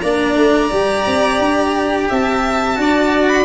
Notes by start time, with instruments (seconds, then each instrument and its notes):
0.00 tuba A#3, cello D4, violin D5 A#5
0.35 tuba A3
0.71 tuba G3, cello G4
1.06 tuba C4
1.39 tuba D4
2.09 tuba C4, violin E5 A5
2.74 tuba D4, cello F#4
2.80 violin D5
3.28 violin B5